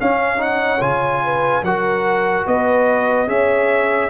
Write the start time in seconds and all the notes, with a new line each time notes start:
0.00 C#4 C#5 F5
0.38 D#4 F#5
0.81 C#3 F4 G#5
1.25 B4
1.63 F#3 F#4 A#4 F#5
2.46 B3 B4 D#5
3.28 C#4 G#4 C#5 E5